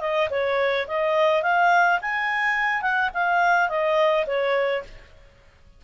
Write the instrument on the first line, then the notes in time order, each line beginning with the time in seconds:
clarinet
0.00 D#5
0.30 C#5
0.87 D#5
1.43 F5
2.01 G#5
2.81 F#5
3.13 F5
3.69 D#5
4.26 C#5